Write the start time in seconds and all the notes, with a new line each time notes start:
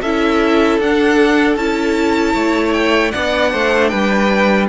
0.00 C#4 E4 A4 E5
0.78 D4 F#5
1.56 C#4 E4 A5
2.33 A3 C#5
2.73 G5
3.11 B3 D4 D5 F#5
3.52 A3 C5
3.88 G3 B4 G5